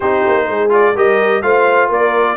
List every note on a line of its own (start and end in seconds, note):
0.00 0.25 C4
0.00 0.69 D#4
0.00 0.46 G4
0.00 0.71 C5
0.27 0.48 A#3
0.48 0.94 G#3
0.48 0.95 G#4
0.69 0.93 F4
0.69 0.97 D5
0.94 1.42 G3
0.94 1.43 G4
0.94 1.42 A#4
0.94 1.41 D#5
1.41 1.90 A3
1.41 2.37 F4
1.41 1.88 C5
1.41 1.89 F5
1.88 2.37 A#3
1.88 2.36 A#4
1.88 2.37 D5